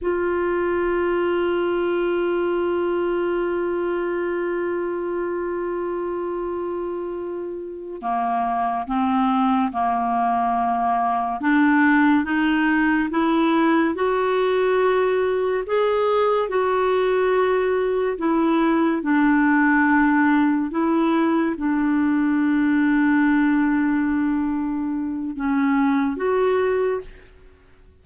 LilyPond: \new Staff \with { instrumentName = "clarinet" } { \time 4/4 \tempo 4 = 71 f'1~ | f'1~ | f'4. ais4 c'4 ais8~ | ais4. d'4 dis'4 e'8~ |
e'8 fis'2 gis'4 fis'8~ | fis'4. e'4 d'4.~ | d'8 e'4 d'2~ d'8~ | d'2 cis'4 fis'4 | }